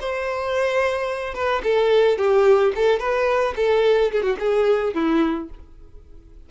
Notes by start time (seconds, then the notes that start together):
0.00 C5
1.34 B4
1.64 A4
2.18 G4
2.75 A4
2.99 B4
3.56 A4
4.12 G#4
4.23 F#4
4.39 G#4
4.94 E4